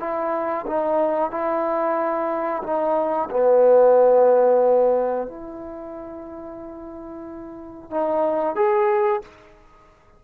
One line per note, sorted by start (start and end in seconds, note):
0.00 0.66 E4
0.67 1.31 D#4
1.31 2.63 E4
2.64 3.30 D#4
3.31 5.28 B3
5.28 7.91 E4
7.91 8.56 D#4
8.56 9.22 G#4